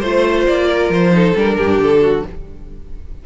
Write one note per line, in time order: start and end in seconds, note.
0.00 0.47 A3
0.00 1.11 F4
0.00 0.45 C5
0.00 0.67 C5
0.47 0.89 A#3
0.47 0.91 D5
0.67 1.12 A#4
0.89 1.34 F3
0.89 1.37 C5
1.11 1.34 D#4
1.11 1.57 A4
1.35 1.57 G3
1.35 2.25 D4
1.35 1.81 A#4
1.57 1.78 G2
1.57 2.02 G4
1.78 2.23 D3
1.78 2.26 A4
2.02 2.24 F#4